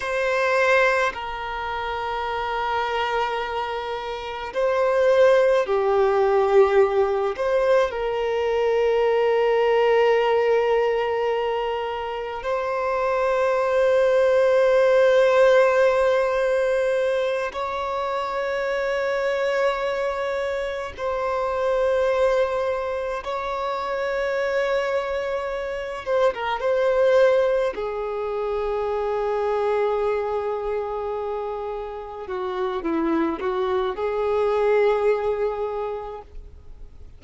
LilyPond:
\new Staff \with { instrumentName = "violin" } { \time 4/4 \tempo 4 = 53 c''4 ais'2. | c''4 g'4. c''8 ais'4~ | ais'2. c''4~ | c''2.~ c''8 cis''8~ |
cis''2~ cis''8 c''4.~ | c''8 cis''2~ cis''8 c''16 ais'16 c''8~ | c''8 gis'2.~ gis'8~ | gis'8 fis'8 e'8 fis'8 gis'2 | }